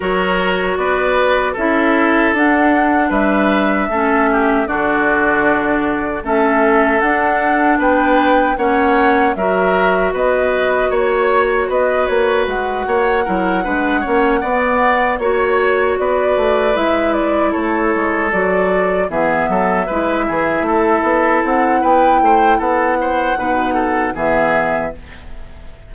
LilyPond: <<
  \new Staff \with { instrumentName = "flute" } { \time 4/4 \tempo 4 = 77 cis''4 d''4 e''4 fis''4 | e''2 d''2 | e''4 fis''4 g''4 fis''4 | e''4 dis''4 cis''4 dis''8 cis''8 |
fis''2.~ fis''8 cis''8~ | cis''8 d''4 e''8 d''8 cis''4 d''8~ | d''8 e''2. fis''8 | g''4 fis''2 e''4 | }
  \new Staff \with { instrumentName = "oboe" } { \time 4/4 ais'4 b'4 a'2 | b'4 a'8 g'8 fis'2 | a'2 b'4 cis''4 | ais'4 b'4 cis''4 b'4~ |
b'8 cis''8 ais'8 b'8 cis''8 d''4 cis''8~ | cis''8 b'2 a'4.~ | a'8 gis'8 a'8 b'8 gis'8 a'4. | b'8 c''8 a'8 c''8 b'8 a'8 gis'4 | }
  \new Staff \with { instrumentName = "clarinet" } { \time 4/4 fis'2 e'4 d'4~ | d'4 cis'4 d'2 | cis'4 d'2 cis'4 | fis'1~ |
fis'4 e'8 d'8 cis'8 b4 fis'8~ | fis'4. e'2 fis'8~ | fis'8 b4 e'2~ e'8~ | e'2 dis'4 b4 | }
  \new Staff \with { instrumentName = "bassoon" } { \time 4/4 fis4 b4 cis'4 d'4 | g4 a4 d2 | a4 d'4 b4 ais4 | fis4 b4 ais4 b8 ais8 |
gis8 ais8 fis8 gis8 ais8 b4 ais8~ | ais8 b8 a8 gis4 a8 gis8 fis8~ | fis8 e8 fis8 gis8 e8 a8 b8 c'8 | b8 a8 b4 b,4 e4 | }
>>